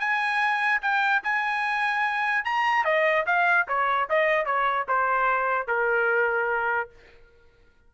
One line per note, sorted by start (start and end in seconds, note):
0.00 0.82 G#5
0.82 1.23 G5
1.23 2.45 G#5
2.45 2.85 A#5
2.85 3.25 D#5
3.26 3.67 F5
3.68 4.09 C#5
4.10 4.46 D#5
4.46 4.86 C#5
4.88 5.67 C5
5.67 6.90 A#4